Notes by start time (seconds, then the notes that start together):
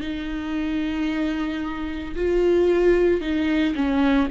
0.00 D#4
2.15 F4
3.20 D#4
3.75 C#4